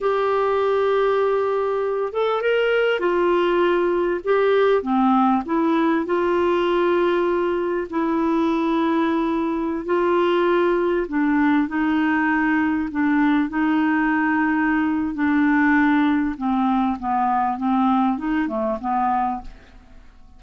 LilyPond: \new Staff \with { instrumentName = "clarinet" } { \time 4/4 \tempo 4 = 99 g'2.~ g'8 a'8 | ais'4 f'2 g'4 | c'4 e'4 f'2~ | f'4 e'2.~ |
e'16 f'2 d'4 dis'8.~ | dis'4~ dis'16 d'4 dis'4.~ dis'16~ | dis'4 d'2 c'4 | b4 c'4 dis'8 a8 b4 | }